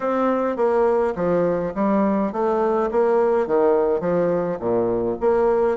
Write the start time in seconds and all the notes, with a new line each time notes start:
0.00 C4
0.56 A#3
1.15 F3
1.75 G3
2.32 A3
2.91 A#3
3.46 D#3
4.00 F3
4.59 A#2
5.20 A#3